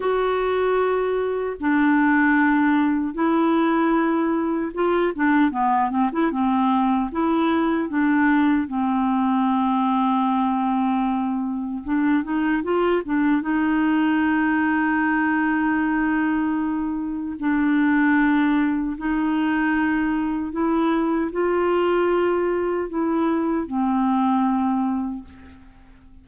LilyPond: \new Staff \with { instrumentName = "clarinet" } { \time 4/4 \tempo 4 = 76 fis'2 d'2 | e'2 f'8 d'8 b8 c'16 e'16 | c'4 e'4 d'4 c'4~ | c'2. d'8 dis'8 |
f'8 d'8 dis'2.~ | dis'2 d'2 | dis'2 e'4 f'4~ | f'4 e'4 c'2 | }